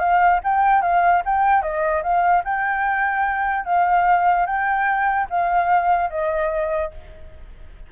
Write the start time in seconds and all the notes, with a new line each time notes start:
0.00 F5
0.44 G5
0.83 F5
1.26 G5
1.63 D#5
2.03 F5
2.45 G5
3.66 F5
4.47 G5
5.30 F5
6.11 D#5